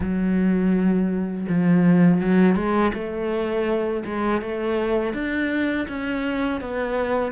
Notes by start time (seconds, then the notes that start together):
0.00 F#3
1.48 F3
2.20 F#3
2.55 G#3
2.93 A3
4.05 G#3
4.41 A3
5.13 D4
5.88 C#4
6.61 B3